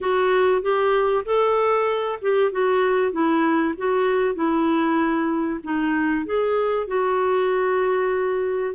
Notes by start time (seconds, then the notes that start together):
0.00 F#4
0.61 G4
1.25 A4
2.21 G4
2.51 F#4
3.11 E4
3.77 F#4
4.34 E4
5.63 D#4
6.25 G#4
6.87 F#4